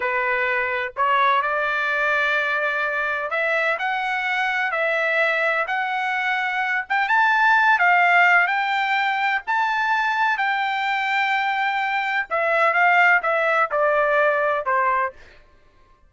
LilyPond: \new Staff \with { instrumentName = "trumpet" } { \time 4/4 \tempo 4 = 127 b'2 cis''4 d''4~ | d''2. e''4 | fis''2 e''2 | fis''2~ fis''8 g''8 a''4~ |
a''8 f''4. g''2 | a''2 g''2~ | g''2 e''4 f''4 | e''4 d''2 c''4 | }